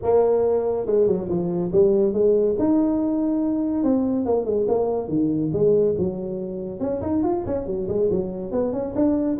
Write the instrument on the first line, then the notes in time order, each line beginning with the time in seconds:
tuba
0.02 A#3
0.86 G#3
1.07 F#3
1.28 F3
1.72 G3
2.13 G#3
2.59 D#4
3.83 C4
4.25 A#3
4.45 G#3
4.68 A#3
5.08 D#3
5.52 G#3
5.98 F#3
6.79 C#4
7.01 D#4
7.23 F4
7.46 C#4
7.66 F#3
7.88 G#3
8.10 F#3
8.51 B3
8.72 C#4
8.95 D4